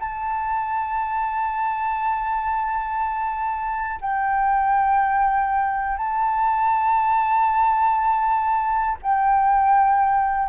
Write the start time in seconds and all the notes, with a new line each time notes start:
0.00 A5
4.01 G5
5.97 A5
9.02 G5